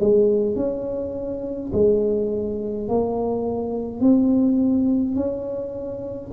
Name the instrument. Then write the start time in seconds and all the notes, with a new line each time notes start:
tuba
0.00 G#3
0.56 C#4
1.73 G#3
2.88 A#3
4.00 C4
5.15 C#4